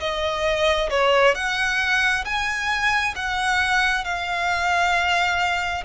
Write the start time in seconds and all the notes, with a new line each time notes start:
0.00 D#5
0.90 C#5
1.35 F#5
2.25 G#5
3.15 F#5
4.05 F5